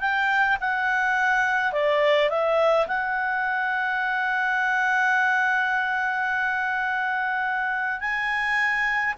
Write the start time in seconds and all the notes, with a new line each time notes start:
0.00 G5
0.60 F#5
1.72 D5
2.30 E5
2.87 F#5
8.00 G#5